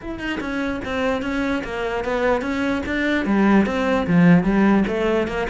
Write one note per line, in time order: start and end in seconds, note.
0.01 0.19 E4
0.19 0.39 D#4
0.40 0.80 C#4
0.84 1.22 C4
1.22 1.62 C#4
1.64 2.04 A#3
2.04 2.41 B3
2.41 2.82 C#4
2.86 3.25 D4
3.25 3.66 G3
3.66 4.06 C4
4.06 4.43 F3
4.43 4.84 G3
4.87 5.27 A3
5.27 5.47 A#3